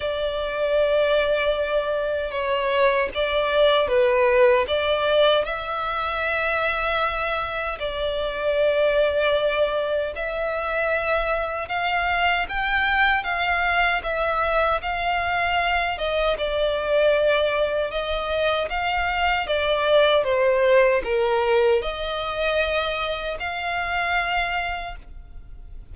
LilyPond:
\new Staff \with { instrumentName = "violin" } { \time 4/4 \tempo 4 = 77 d''2. cis''4 | d''4 b'4 d''4 e''4~ | e''2 d''2~ | d''4 e''2 f''4 |
g''4 f''4 e''4 f''4~ | f''8 dis''8 d''2 dis''4 | f''4 d''4 c''4 ais'4 | dis''2 f''2 | }